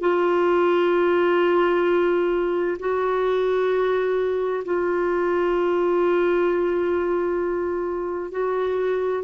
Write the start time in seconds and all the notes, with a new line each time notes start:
0.00 F4
2.79 F#4
4.64 F4
8.31 F#4